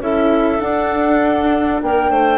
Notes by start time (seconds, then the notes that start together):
0.00 C#4 E4 A4 E5
0.59 D4 F#5
1.82 A#3 A#4 G5
2.10 A3 C5